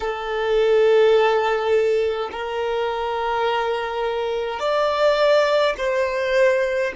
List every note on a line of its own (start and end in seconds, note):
0.00 2.29 A4
2.32 4.59 A#4
4.59 5.75 D5
5.77 6.92 C5